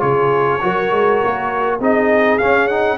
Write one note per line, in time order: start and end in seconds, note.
0.00 0.61 C#3
0.00 0.59 F4
0.00 0.62 G#4
0.00 1.79 C#5
0.61 0.91 F#3
0.61 1.80 F#4
0.61 1.78 A#4
0.91 1.21 G#3
1.24 1.80 A#3
1.78 2.39 C4
1.78 2.40 D#4
1.78 2.97 G#4
1.78 2.38 D#5
2.38 2.70 C#4
2.38 2.98 C#4
2.38 2.68 F5
2.68 2.98 D#4
2.68 2.98 F#5